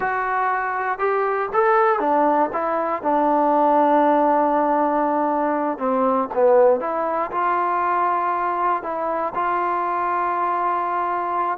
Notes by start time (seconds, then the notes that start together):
0.00 F#4
0.98 G4
1.53 A4
1.99 D4
2.52 E4
3.02 D4
5.78 C4
6.34 B3
6.80 E4
7.31 F4
8.82 E4
9.35 F4